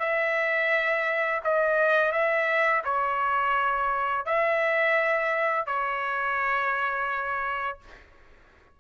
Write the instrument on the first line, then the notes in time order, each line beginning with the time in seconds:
trumpet
0.00 E5
1.44 D#5
2.12 E5
2.85 C#5
4.26 E5
5.67 C#5